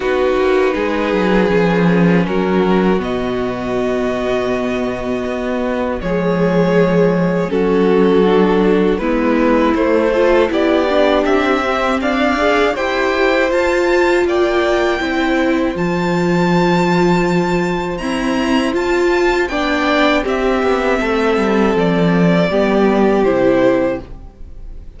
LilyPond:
<<
  \new Staff \with { instrumentName = "violin" } { \time 4/4 \tempo 4 = 80 b'2. ais'4 | dis''1 | cis''2 a'2 | b'4 c''4 d''4 e''4 |
f''4 g''4 a''4 g''4~ | g''4 a''2. | ais''4 a''4 g''4 e''4~ | e''4 d''2 c''4 | }
  \new Staff \with { instrumentName = "violin" } { \time 4/4 fis'4 gis'2 fis'4~ | fis'1 | gis'2 fis'2 | e'4. a'8 g'2 |
d''4 c''2 d''4 | c''1~ | c''2 d''4 g'4 | a'2 g'2 | }
  \new Staff \with { instrumentName = "viola" } { \time 4/4 dis'2 cis'2 | b1 | gis2 cis'4 d'4 | b4 a8 f'8 e'8 d'4 c'8~ |
c'8 gis'8 g'4 f'2 | e'4 f'2. | c'4 f'4 d'4 c'4~ | c'2 b4 e'4 | }
  \new Staff \with { instrumentName = "cello" } { \time 4/4 b8 ais8 gis8 fis8 f4 fis4 | b,2. b4 | f2 fis2 | gis4 a4 b4 c'4 |
d'4 e'4 f'4 ais4 | c'4 f2. | e'4 f'4 b4 c'8 b8 | a8 g8 f4 g4 c4 | }
>>